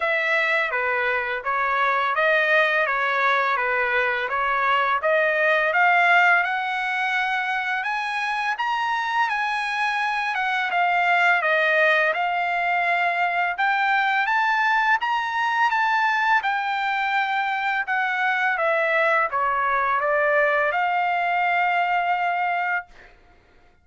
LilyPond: \new Staff \with { instrumentName = "trumpet" } { \time 4/4 \tempo 4 = 84 e''4 b'4 cis''4 dis''4 | cis''4 b'4 cis''4 dis''4 | f''4 fis''2 gis''4 | ais''4 gis''4. fis''8 f''4 |
dis''4 f''2 g''4 | a''4 ais''4 a''4 g''4~ | g''4 fis''4 e''4 cis''4 | d''4 f''2. | }